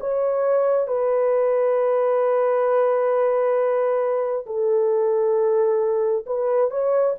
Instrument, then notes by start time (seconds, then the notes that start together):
horn
0.00 C#5
0.87 B4
4.46 A4
6.26 B4
6.70 C#5